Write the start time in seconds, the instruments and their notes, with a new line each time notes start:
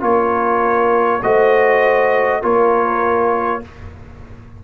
0.00 tuba A#3, trombone F4, horn A#4, trumpet C#5
1.23 tuba A3, trombone F#4, horn C5, trumpet D#5
2.42 tuba A#3, trombone F4, horn A#4, trumpet C#5